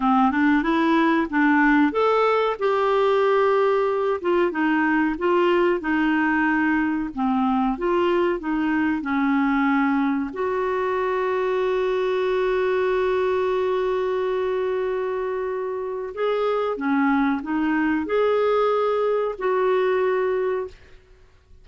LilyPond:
\new Staff \with { instrumentName = "clarinet" } { \time 4/4 \tempo 4 = 93 c'8 d'8 e'4 d'4 a'4 | g'2~ g'8 f'8 dis'4 | f'4 dis'2 c'4 | f'4 dis'4 cis'2 |
fis'1~ | fis'1~ | fis'4 gis'4 cis'4 dis'4 | gis'2 fis'2 | }